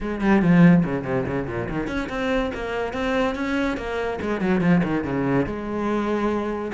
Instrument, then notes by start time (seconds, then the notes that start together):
cello
0.00 G#3
0.21 G3
0.42 F3
0.84 C#3
1.04 C3
1.26 C#3
1.47 A#2
1.69 D#3
1.87 C#4
2.09 C4
2.54 A#3
2.93 C4
3.35 C#4
3.77 A#3
4.21 G#3
4.40 F#3
4.60 F3
4.83 D#3
5.04 C#3
5.45 G#3